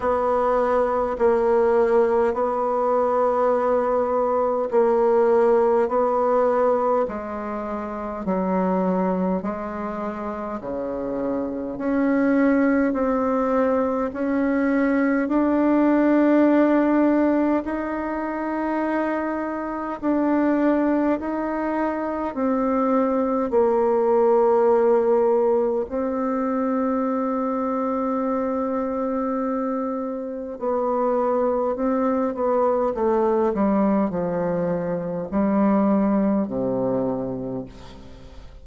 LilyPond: \new Staff \with { instrumentName = "bassoon" } { \time 4/4 \tempo 4 = 51 b4 ais4 b2 | ais4 b4 gis4 fis4 | gis4 cis4 cis'4 c'4 | cis'4 d'2 dis'4~ |
dis'4 d'4 dis'4 c'4 | ais2 c'2~ | c'2 b4 c'8 b8 | a8 g8 f4 g4 c4 | }